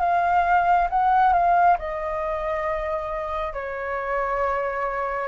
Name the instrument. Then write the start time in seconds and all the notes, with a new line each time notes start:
flute
0.00 F5
0.90 F#5
1.33 F5
1.79 D#5
3.53 C#5